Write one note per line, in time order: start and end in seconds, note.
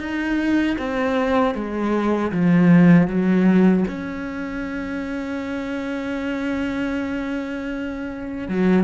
0.00 0.77 D#4
0.78 1.55 C4
1.55 2.31 G#3
2.32 3.07 F3
3.07 3.84 F#3
3.87 8.48 C#4
8.48 8.84 F#3